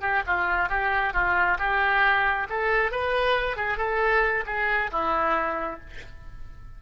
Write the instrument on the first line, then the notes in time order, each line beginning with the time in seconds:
oboe
0.00 G4
0.26 F4
0.69 G4
1.13 F4
1.58 G4
2.49 A4
2.91 B4
3.56 G#4
3.77 A4
4.46 G#4
4.91 E4